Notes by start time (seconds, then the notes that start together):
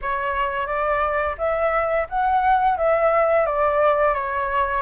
0.01 C#5
0.66 D5
1.38 E5
2.09 F#5
2.77 E5
3.45 D5
4.14 C#5